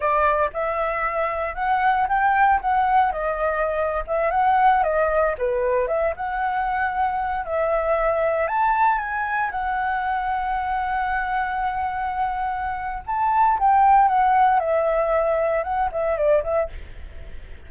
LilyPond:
\new Staff \with { instrumentName = "flute" } { \time 4/4 \tempo 4 = 115 d''4 e''2 fis''4 | g''4 fis''4 dis''4.~ dis''16 e''16~ | e''16 fis''4 dis''4 b'4 e''8 fis''16~ | fis''2~ fis''16 e''4.~ e''16~ |
e''16 a''4 gis''4 fis''4.~ fis''16~ | fis''1~ | fis''4 a''4 g''4 fis''4 | e''2 fis''8 e''8 d''8 e''8 | }